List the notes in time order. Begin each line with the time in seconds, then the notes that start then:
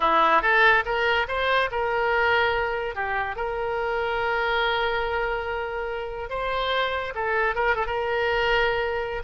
0.00 E4
0.42 A4
0.85 A#4
1.27 C5
1.71 A#4
2.95 G4
3.36 A#4
6.29 C5
7.15 A4
7.55 A#4
7.75 A4
7.86 A#4